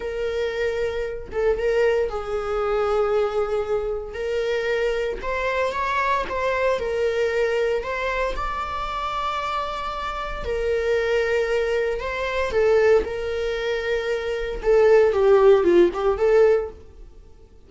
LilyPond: \new Staff \with { instrumentName = "viola" } { \time 4/4 \tempo 4 = 115 ais'2~ ais'8 a'8 ais'4 | gis'1 | ais'2 c''4 cis''4 | c''4 ais'2 c''4 |
d''1 | ais'2. c''4 | a'4 ais'2. | a'4 g'4 f'8 g'8 a'4 | }